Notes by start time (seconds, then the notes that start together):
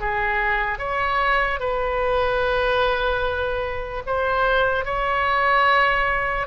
0.00 G#4
0.79 C#5
1.60 B4
4.06 C5
4.85 C#5